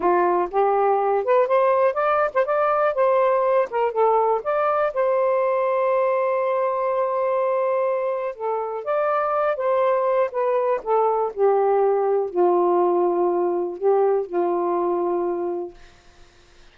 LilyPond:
\new Staff \with { instrumentName = "saxophone" } { \time 4/4 \tempo 4 = 122 f'4 g'4. b'8 c''4 | d''8. c''16 d''4 c''4. ais'8 | a'4 d''4 c''2~ | c''1~ |
c''4 a'4 d''4. c''8~ | c''4 b'4 a'4 g'4~ | g'4 f'2. | g'4 f'2. | }